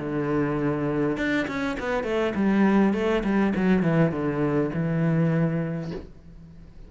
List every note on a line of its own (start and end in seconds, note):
0.00 1.18 D3
1.18 1.47 D4
1.48 1.77 C#4
1.80 2.04 B3
2.04 2.33 A3
2.35 2.94 G3
2.94 3.24 A3
3.24 3.54 G3
3.56 3.83 F#3
3.83 4.12 E3
4.12 4.71 D3
4.74 5.92 E3